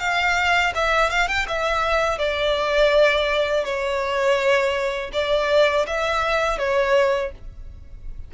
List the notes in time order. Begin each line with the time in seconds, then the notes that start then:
0.00 F5
0.75 E5
1.10 F5
1.28 G5
1.49 E5
2.19 D5
3.65 C#5
5.13 D5
5.87 E5
6.59 C#5